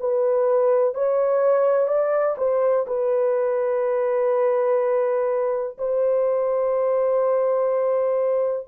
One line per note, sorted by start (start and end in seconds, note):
0.00 0.94 B4
0.94 1.88 C#5
1.88 2.36 D5
2.38 2.86 C5
2.87 5.77 B4
5.78 8.68 C5